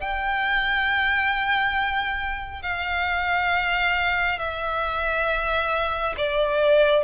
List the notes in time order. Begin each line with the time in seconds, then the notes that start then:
0.00 G5
2.62 F5
4.38 E5
6.17 D5